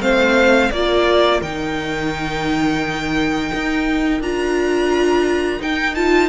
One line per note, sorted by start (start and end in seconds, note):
0.00 0.70 A3
0.00 0.70 C4
0.00 0.72 C5
0.00 0.71 F5
0.71 1.41 A#3
0.71 1.43 F4
0.71 6.29 A#4
0.71 1.41 D5
1.42 3.51 D#3
1.42 4.22 D#4
1.42 4.22 G5
3.54 4.20 D#4
4.20 5.60 D4
4.20 5.59 F4
4.20 5.62 A#5
5.59 5.94 D#4
5.59 6.29 D#4
5.59 5.95 G5
5.95 6.29 F4
5.95 6.29 A5